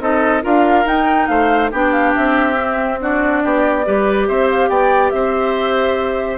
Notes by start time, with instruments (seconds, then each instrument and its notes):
0.00 bassoon C4, clarinet D#4, oboe A4, flute D#5
0.42 bassoon D4, clarinet F4, oboe A#4, flute F5
0.85 bassoon D#4, clarinet D#4, flute G5
1.27 bassoon A3, oboe C5, flute F5
1.71 bassoon B3, clarinet D4, oboe G4, flute G5
1.92 flute F5
2.15 bassoon C4, flute E5
2.56 clarinet C4
3.00 clarinet D4, oboe F#4, flute D5
3.43 bassoon B3, oboe G4
3.85 bassoon G3, clarinet G4, oboe B4
4.28 bassoon C4, oboe C5, flute E5
4.50 flute F5
4.69 bassoon B3, oboe D5, flute G5
5.10 bassoon C4, oboe C5, flute E5